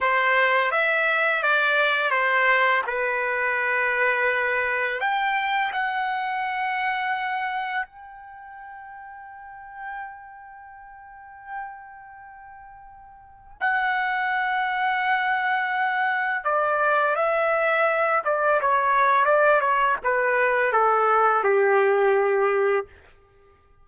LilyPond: \new Staff \with { instrumentName = "trumpet" } { \time 4/4 \tempo 4 = 84 c''4 e''4 d''4 c''4 | b'2. g''4 | fis''2. g''4~ | g''1~ |
g''2. fis''4~ | fis''2. d''4 | e''4. d''8 cis''4 d''8 cis''8 | b'4 a'4 g'2 | }